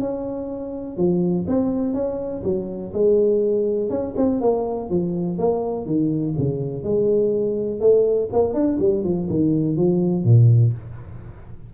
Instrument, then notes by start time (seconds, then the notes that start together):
tuba
0.00 C#4
0.97 F3
1.47 C4
1.94 C#4
2.44 F#3
2.93 G#3
3.90 C#4
4.17 C4
4.41 A#3
4.90 F3
5.38 A#3
5.86 D#3
6.38 C#3
6.83 G#3
7.80 A3
8.32 A#3
8.54 D4
8.79 G3
9.04 F3
9.30 D#3
9.76 F3
10.24 A#2